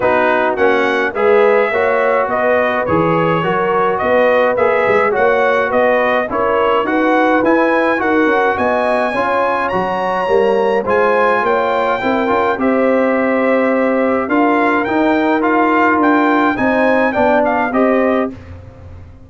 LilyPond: <<
  \new Staff \with { instrumentName = "trumpet" } { \time 4/4 \tempo 4 = 105 b'4 fis''4 e''2 | dis''4 cis''2 dis''4 | e''4 fis''4 dis''4 cis''4 | fis''4 gis''4 fis''4 gis''4~ |
gis''4 ais''2 gis''4 | g''2 e''2~ | e''4 f''4 g''4 f''4 | g''4 gis''4 g''8 f''8 dis''4 | }
  \new Staff \with { instrumentName = "horn" } { \time 4/4 fis'2 b'4 cis''4 | b'2 ais'4 b'4~ | b'4 cis''4 b'4 ais'4 | b'2 ais'4 dis''4 |
cis''2. c''4 | cis''4 ais'4 c''2~ | c''4 ais'2.~ | ais'4 c''4 d''4 c''4 | }
  \new Staff \with { instrumentName = "trombone" } { \time 4/4 dis'4 cis'4 gis'4 fis'4~ | fis'4 gis'4 fis'2 | gis'4 fis'2 e'4 | fis'4 e'4 fis'2 |
f'4 fis'4 ais4 f'4~ | f'4 e'8 f'8 g'2~ | g'4 f'4 dis'4 f'4~ | f'4 dis'4 d'4 g'4 | }
  \new Staff \with { instrumentName = "tuba" } { \time 4/4 b4 ais4 gis4 ais4 | b4 e4 fis4 b4 | ais8 gis8 ais4 b4 cis'4 | dis'4 e'4 dis'8 cis'8 b4 |
cis'4 fis4 g4 gis4 | ais4 c'8 cis'8 c'2~ | c'4 d'4 dis'2 | d'4 c'4 b4 c'4 | }
>>